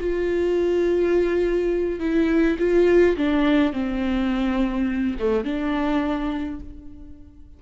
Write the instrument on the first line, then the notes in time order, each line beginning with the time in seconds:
viola
0.00 F4
2.00 E4
2.59 F4
3.17 D4
3.73 C4
5.19 A3
5.44 D4